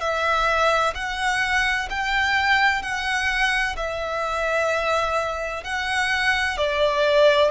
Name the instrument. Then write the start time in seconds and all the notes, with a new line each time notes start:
violin
0.00 E5
0.95 F#5
1.89 G5
2.82 F#5
3.76 E5
5.63 F#5
6.57 D5